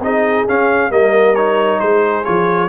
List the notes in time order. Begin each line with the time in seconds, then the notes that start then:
0.00 C4 D#4 G#4 D#5
0.48 C#4 F5
0.90 G3 A#3 A#4 D#5
1.35 D#4 C#5
1.80 G#3 G#4 C5
2.24 F3 F4 C#5